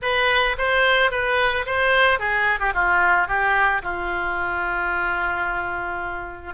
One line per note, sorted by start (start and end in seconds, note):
0.01 0.56 B4
0.58 1.11 C5
1.11 1.65 B4
1.66 2.19 C5
2.19 2.59 G#4
2.59 2.73 G4
2.74 3.27 F4
3.27 3.82 G4
3.82 6.53 F4